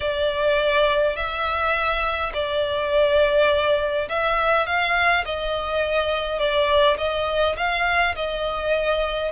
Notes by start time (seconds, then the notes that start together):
0.00 D5
1.15 E5
2.33 D5
4.08 E5
4.66 F5
5.25 D#5
6.39 D5
6.97 D#5
7.56 F5
8.15 D#5